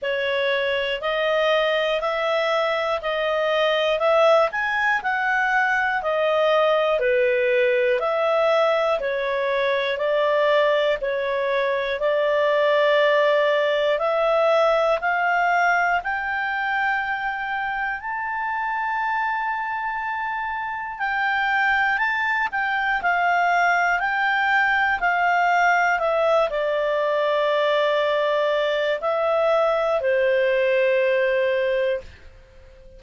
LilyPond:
\new Staff \with { instrumentName = "clarinet" } { \time 4/4 \tempo 4 = 60 cis''4 dis''4 e''4 dis''4 | e''8 gis''8 fis''4 dis''4 b'4 | e''4 cis''4 d''4 cis''4 | d''2 e''4 f''4 |
g''2 a''2~ | a''4 g''4 a''8 g''8 f''4 | g''4 f''4 e''8 d''4.~ | d''4 e''4 c''2 | }